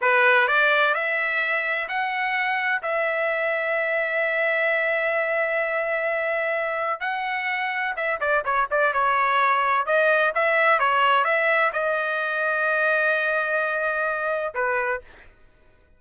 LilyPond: \new Staff \with { instrumentName = "trumpet" } { \time 4/4 \tempo 4 = 128 b'4 d''4 e''2 | fis''2 e''2~ | e''1~ | e''2. fis''4~ |
fis''4 e''8 d''8 cis''8 d''8 cis''4~ | cis''4 dis''4 e''4 cis''4 | e''4 dis''2.~ | dis''2. b'4 | }